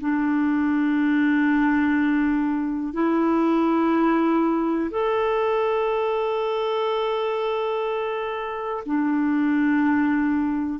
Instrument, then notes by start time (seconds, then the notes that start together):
clarinet
0.00 D4
2.93 E4
4.90 A4
8.86 D4